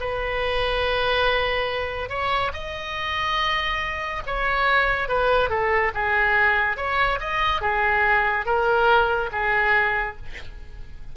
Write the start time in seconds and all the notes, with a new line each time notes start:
0.00 B4
2.10 C#5
2.54 D#5
4.26 C#5
5.09 B4
5.50 A4
5.95 G#4
6.77 C#5
7.20 D#5
7.61 G#4
8.46 A#4
9.32 G#4